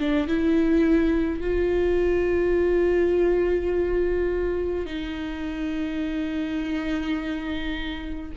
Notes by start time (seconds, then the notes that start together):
0.00 D4
0.28 E4
1.41 F4
4.86 D#4